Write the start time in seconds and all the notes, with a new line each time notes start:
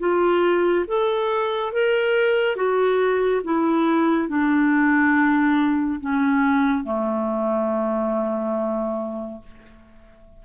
0.00 F4
0.88 A4
1.73 A#4
2.56 F#4
3.44 E4
4.29 D4
6.01 C#4
6.85 A3